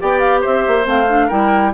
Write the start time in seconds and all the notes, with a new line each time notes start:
0.00 B3 G4 D5 G5
0.20 F5
0.41 C4 C5 E5
0.68 A#3
0.84 A3 C4 F5
1.09 D4
1.27 G3 E4 A#4 G5